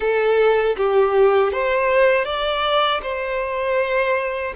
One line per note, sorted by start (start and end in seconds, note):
0.00 0.76 A4
0.76 1.52 G4
1.52 2.24 C5
2.24 3.00 D5
3.02 4.54 C5